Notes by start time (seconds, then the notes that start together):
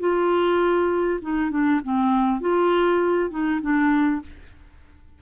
0.00 F4
1.22 D#4
1.51 D4
1.84 C4
2.41 F4
3.31 D#4
3.62 D4